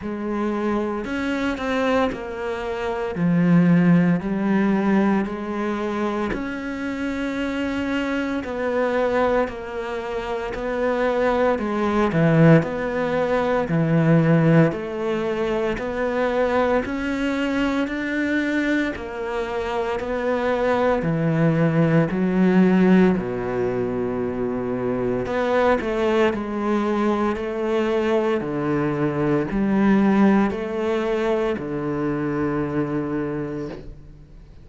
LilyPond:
\new Staff \with { instrumentName = "cello" } { \time 4/4 \tempo 4 = 57 gis4 cis'8 c'8 ais4 f4 | g4 gis4 cis'2 | b4 ais4 b4 gis8 e8 | b4 e4 a4 b4 |
cis'4 d'4 ais4 b4 | e4 fis4 b,2 | b8 a8 gis4 a4 d4 | g4 a4 d2 | }